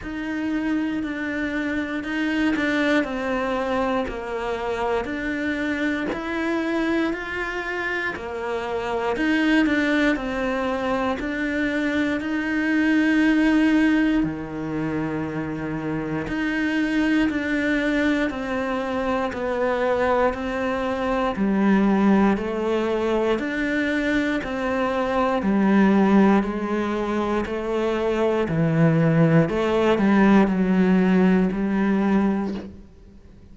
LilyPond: \new Staff \with { instrumentName = "cello" } { \time 4/4 \tempo 4 = 59 dis'4 d'4 dis'8 d'8 c'4 | ais4 d'4 e'4 f'4 | ais4 dis'8 d'8 c'4 d'4 | dis'2 dis2 |
dis'4 d'4 c'4 b4 | c'4 g4 a4 d'4 | c'4 g4 gis4 a4 | e4 a8 g8 fis4 g4 | }